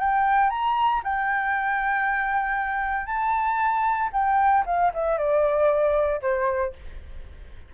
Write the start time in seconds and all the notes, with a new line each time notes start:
0.00 G5
0.50 A#5
1.04 G5
3.06 A5
4.13 G5
4.66 F5
4.94 E5
5.18 D5
6.21 C5